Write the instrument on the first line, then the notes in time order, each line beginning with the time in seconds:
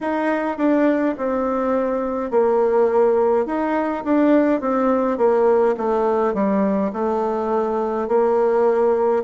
bassoon
0.01 D#4
0.57 D4
1.17 C4
2.31 A#3
3.46 D#4
4.04 D4
4.60 C4
5.17 A#3
5.77 A3
6.34 G3
6.92 A3
8.08 A#3